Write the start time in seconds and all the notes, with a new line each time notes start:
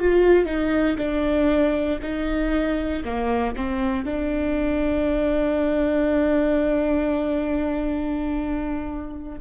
0.00 F4
0.46 D#4
0.98 D4
2.02 D#4
3.05 A#3
3.56 C4
4.05 D4